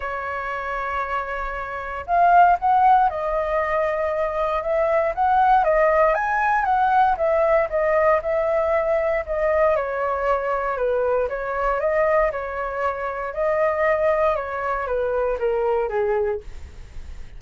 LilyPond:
\new Staff \with { instrumentName = "flute" } { \time 4/4 \tempo 4 = 117 cis''1 | f''4 fis''4 dis''2~ | dis''4 e''4 fis''4 dis''4 | gis''4 fis''4 e''4 dis''4 |
e''2 dis''4 cis''4~ | cis''4 b'4 cis''4 dis''4 | cis''2 dis''2 | cis''4 b'4 ais'4 gis'4 | }